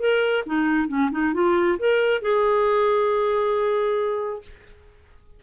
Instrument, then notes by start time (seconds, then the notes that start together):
clarinet
0.00 A#4
0.46 D#4
0.88 C#4
1.11 D#4
1.34 F4
1.79 A#4
2.22 G#4